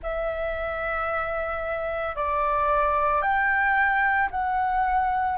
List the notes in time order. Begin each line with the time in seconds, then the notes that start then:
0.02 E5
2.15 D5
3.21 G5
4.31 F#5